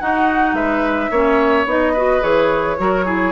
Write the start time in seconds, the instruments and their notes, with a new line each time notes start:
0.00 clarinet D#4, bassoon D#4, oboe F#4, flute F#5
0.54 bassoon G#3, oboe B4, flute E5
1.11 bassoon A#3, clarinet C#4, oboe C#5
1.66 bassoon B3, clarinet D#4, flute D#5
1.93 clarinet F#4, oboe B4
2.22 bassoon E3, clarinet G#4, flute C#5
2.79 bassoon F#3, clarinet F#4, oboe A#4
3.05 clarinet E4, oboe G#4